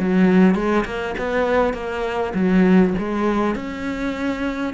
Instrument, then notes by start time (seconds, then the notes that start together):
cello
0.00 F#3
0.55 G#3
0.85 A#3
1.18 B3
1.74 A#3
2.35 F#3
2.98 G#3
3.55 C#4